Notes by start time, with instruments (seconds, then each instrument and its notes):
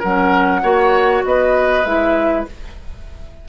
0.00 bassoon F#3, clarinet C#4, oboe A#4, flute F#5
0.62 bassoon A#3, clarinet F#4, oboe C#5
1.24 bassoon B3, oboe B4, flute D#5
1.85 bassoon G#3, clarinet E4, flute E5